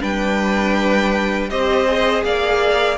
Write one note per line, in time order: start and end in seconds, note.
0.00 1.50 G3
0.00 1.48 D4
0.00 1.48 B4
0.00 1.49 G5
1.49 2.23 C4
1.49 1.87 G4
1.49 2.24 C5
1.49 2.23 D#5
1.87 2.97 G#4
2.23 2.97 A#3
2.23 2.97 D5
2.23 2.97 F5